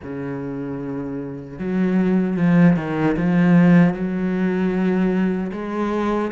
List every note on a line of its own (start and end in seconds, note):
0.03 1.59 C#3
1.59 2.36 F#3
2.36 2.76 F3
2.76 3.15 D#3
3.16 3.93 F3
3.93 5.51 F#3
5.52 6.31 G#3